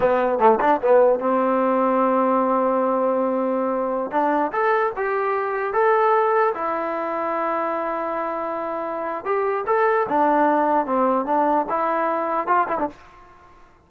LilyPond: \new Staff \with { instrumentName = "trombone" } { \time 4/4 \tempo 4 = 149 b4 a8 d'8 b4 c'4~ | c'1~ | c'2~ c'16 d'4 a'8.~ | a'16 g'2 a'4.~ a'16~ |
a'16 e'2.~ e'8.~ | e'2. g'4 | a'4 d'2 c'4 | d'4 e'2 f'8 e'16 d'16 | }